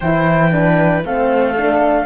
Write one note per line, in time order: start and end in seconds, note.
0.00 1.04 E3
0.00 0.52 E4
0.00 0.51 C5
0.00 1.03 G5
0.52 1.03 D4
0.52 1.05 B4
1.03 2.06 A3
1.03 1.55 C4
1.03 2.06 A4
1.03 2.06 F5
1.56 2.06 D4